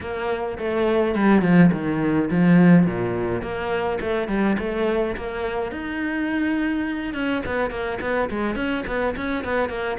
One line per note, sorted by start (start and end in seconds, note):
0.01 0.58 A#3
0.58 1.15 A3
1.15 1.42 G3
1.42 1.70 F3
1.72 2.29 D#3
2.30 2.86 F3
2.86 3.41 A#2
3.41 3.98 A#3
4.01 4.28 A3
4.28 4.56 G3
4.59 5.16 A3
5.16 5.71 A#3
5.71 7.14 D#4
7.14 7.42 C#4
7.46 7.70 B3
7.70 7.98 A#3
8.01 8.29 B3
8.29 8.55 G#3
8.55 8.84 C#4
8.86 9.15 B3
9.16 9.44 C#4
9.44 9.69 B3
9.69 9.97 A#3